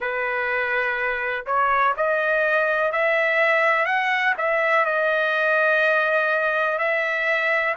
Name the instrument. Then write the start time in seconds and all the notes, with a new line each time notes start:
trumpet
0.00 B4
1.46 C#5
1.96 D#5
2.92 E5
3.85 F#5
4.37 E5
4.85 D#5
6.78 E5